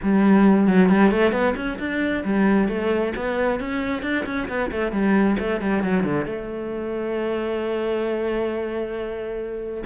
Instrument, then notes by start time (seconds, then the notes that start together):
cello
0.02 G3
0.67 F#3
0.89 G3
1.11 A3
1.31 B3
1.56 C#4
1.78 D4
2.24 G3
2.68 A3
3.16 B3
3.60 C#4
4.02 D4
4.25 C#4
4.48 B3
4.71 A3
4.92 G3
5.39 A3
5.61 G3
5.83 F#3
6.03 D3
6.25 A3